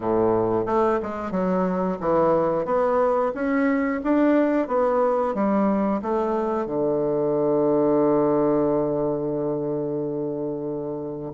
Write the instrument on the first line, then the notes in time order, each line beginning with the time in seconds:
bassoon
0.00 A2
0.66 A3
1.02 G#3
1.31 F#3
2.00 E3
2.65 B3
3.34 C#4
4.03 D4
4.67 B3
5.34 G3
6.02 A3
6.66 D3